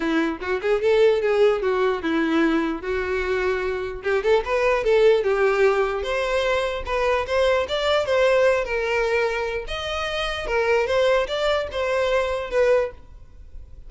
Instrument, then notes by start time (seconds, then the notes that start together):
violin
0.00 E4
0.40 F#4
0.61 G#4
0.81 A4
1.21 G#4
1.62 F#4
2.02 E4
2.81 F#4
4.03 G4
4.23 A4
4.44 B4
4.84 A4
5.23 G4
6.02 C5
6.85 B4
7.26 C5
7.68 D5
8.05 C5
8.64 A#4
9.67 D#5
10.46 A#4
10.86 C5
11.27 D5
11.71 C5
12.50 B4